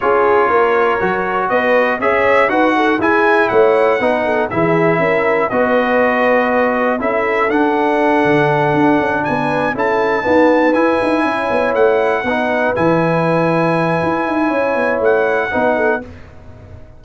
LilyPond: <<
  \new Staff \with { instrumentName = "trumpet" } { \time 4/4 \tempo 4 = 120 cis''2. dis''4 | e''4 fis''4 gis''4 fis''4~ | fis''4 e''2 dis''4~ | dis''2 e''4 fis''4~ |
fis''2~ fis''8 gis''4 a''8~ | a''4. gis''2 fis''8~ | fis''4. gis''2~ gis''8~ | gis''2 fis''2 | }
  \new Staff \with { instrumentName = "horn" } { \time 4/4 gis'4 ais'2 b'4 | cis''4 b'8 a'8 gis'4 cis''4 | b'8 a'8 gis'4 ais'4 b'4~ | b'2 a'2~ |
a'2~ a'8 b'4 a'8~ | a'8 b'2 cis''4.~ | cis''8 b'2.~ b'8~ | b'4 cis''2 b'8 a'8 | }
  \new Staff \with { instrumentName = "trombone" } { \time 4/4 f'2 fis'2 | gis'4 fis'4 e'2 | dis'4 e'2 fis'4~ | fis'2 e'4 d'4~ |
d'2.~ d'8 e'8~ | e'8 b4 e'2~ e'8~ | e'8 dis'4 e'2~ e'8~ | e'2. dis'4 | }
  \new Staff \with { instrumentName = "tuba" } { \time 4/4 cis'4 ais4 fis4 b4 | cis'4 dis'4 e'4 a4 | b4 e4 cis'4 b4~ | b2 cis'4 d'4~ |
d'8 d4 d'8 cis'8 b4 cis'8~ | cis'8 dis'4 e'8 dis'8 cis'8 b8 a8~ | a8 b4 e2~ e8 | e'8 dis'8 cis'8 b8 a4 b4 | }
>>